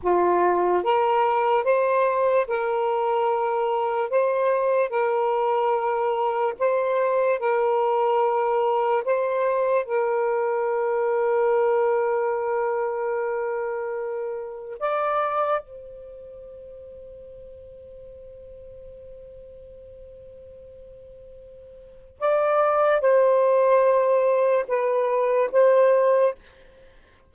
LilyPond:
\new Staff \with { instrumentName = "saxophone" } { \time 4/4 \tempo 4 = 73 f'4 ais'4 c''4 ais'4~ | ais'4 c''4 ais'2 | c''4 ais'2 c''4 | ais'1~ |
ais'2 d''4 c''4~ | c''1~ | c''2. d''4 | c''2 b'4 c''4 | }